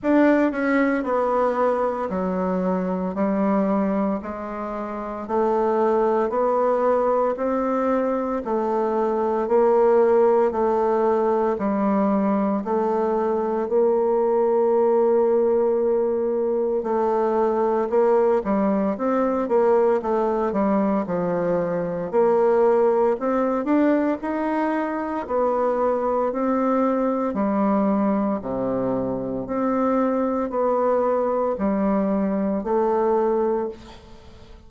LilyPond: \new Staff \with { instrumentName = "bassoon" } { \time 4/4 \tempo 4 = 57 d'8 cis'8 b4 fis4 g4 | gis4 a4 b4 c'4 | a4 ais4 a4 g4 | a4 ais2. |
a4 ais8 g8 c'8 ais8 a8 g8 | f4 ais4 c'8 d'8 dis'4 | b4 c'4 g4 c4 | c'4 b4 g4 a4 | }